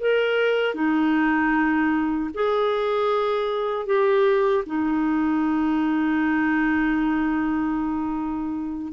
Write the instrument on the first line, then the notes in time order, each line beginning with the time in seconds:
clarinet
0.00 A#4
0.74 D#4
2.34 G#4
3.86 G4
4.66 D#4